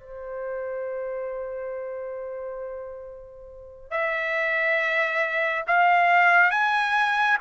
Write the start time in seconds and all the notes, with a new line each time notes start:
0.00 C5
3.91 E5
5.68 F5
6.51 G#5